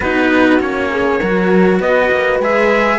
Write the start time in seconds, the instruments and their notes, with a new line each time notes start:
0.00 cello B3 D#4, horn F#4, trumpet B4
0.59 cello A#3 C#4, trumpet C#5
0.91 horn G#4
1.19 cello F#3 F#4, horn A#4
1.79 cello B3, horn B4, trumpet D#5
2.11 cello A#3
2.39 cello G#3 G#4, trumpet E5